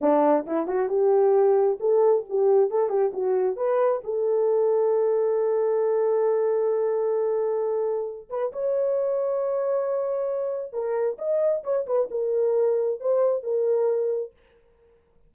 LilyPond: \new Staff \with { instrumentName = "horn" } { \time 4/4 \tempo 4 = 134 d'4 e'8 fis'8 g'2 | a'4 g'4 a'8 g'8 fis'4 | b'4 a'2.~ | a'1~ |
a'2~ a'8 b'8 cis''4~ | cis''1 | ais'4 dis''4 cis''8 b'8 ais'4~ | ais'4 c''4 ais'2 | }